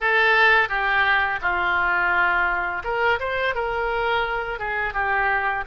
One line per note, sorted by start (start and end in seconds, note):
0.01 0.69 A4
0.69 1.39 G4
1.41 2.82 F4
2.84 3.19 A#4
3.19 3.54 C5
3.54 4.59 A#4
4.59 4.93 G#4
4.93 5.64 G4